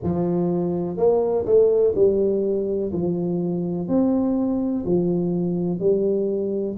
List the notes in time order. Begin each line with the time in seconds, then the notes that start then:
0.03 F3
0.97 A#3
1.45 A3
1.95 G3
2.92 F3
3.88 C4
4.85 F3
5.79 G3